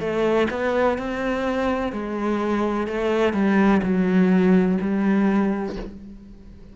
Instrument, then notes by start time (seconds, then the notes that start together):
cello
0.00 A3
0.50 B3
0.98 C4
1.92 G#3
2.87 A3
3.33 G3
3.83 F#3
4.81 G3